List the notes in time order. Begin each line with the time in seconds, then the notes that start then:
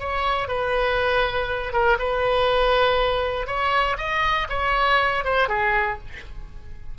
0.00 C#5
0.49 B4
1.73 A#4
1.99 B4
3.47 C#5
3.98 D#5
4.50 C#5
5.25 C5
5.49 G#4